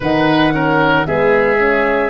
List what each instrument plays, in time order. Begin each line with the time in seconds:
0.00 tuba D#3, horn D#4, oboe B4, flute F#5
0.52 horn C#4, oboe A#4
1.06 tuba G#3, horn B3, oboe G#4, flute E5
1.57 horn C#4